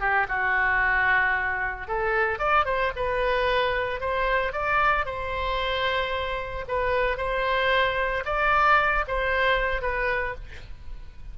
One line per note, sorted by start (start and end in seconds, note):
0.00 0.27 G4
0.28 1.87 F#4
1.87 2.38 A4
2.38 2.65 D5
2.65 2.92 C5
2.96 4.00 B4
4.00 4.52 C5
4.52 5.05 D5
5.05 6.65 C5
6.68 7.17 B4
7.17 8.23 C5
8.25 9.05 D5
9.07 9.81 C5
9.81 10.34 B4